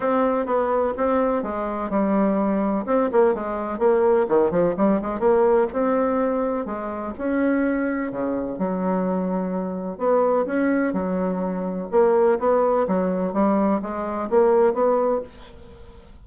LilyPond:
\new Staff \with { instrumentName = "bassoon" } { \time 4/4 \tempo 4 = 126 c'4 b4 c'4 gis4 | g2 c'8 ais8 gis4 | ais4 dis8 f8 g8 gis8 ais4 | c'2 gis4 cis'4~ |
cis'4 cis4 fis2~ | fis4 b4 cis'4 fis4~ | fis4 ais4 b4 fis4 | g4 gis4 ais4 b4 | }